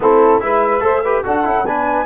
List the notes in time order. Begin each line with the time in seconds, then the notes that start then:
0.00 A3 C4 E4 A4
0.40 G#3 E4 B4 E5
0.80 A3 A4 C5
1.02 G4 B4
1.24 D4 F#4 A4 F#5
1.44 C#4 E4
1.64 B3 D4 B4 G#5